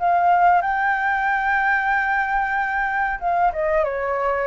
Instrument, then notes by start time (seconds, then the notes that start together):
flute
0.00 F5
0.62 G5
3.20 F5
3.53 D#5
3.84 C#5